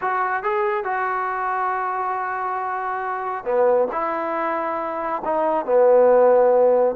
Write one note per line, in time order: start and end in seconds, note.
0.01 0.43 F#4
0.43 0.84 G#4
0.84 3.44 F#4
3.44 3.88 B3
3.92 5.22 E4
5.24 5.65 D#4
5.65 6.95 B3